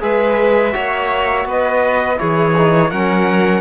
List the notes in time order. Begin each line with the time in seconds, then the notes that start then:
0.00 G#3 G#4 B4 E5
0.72 A#3 F#4 C#5
1.45 B3 B4 D#5
2.16 E3 E4 G#4 C#5
2.57 D#4
2.90 F#3 C#4 A#4 F#5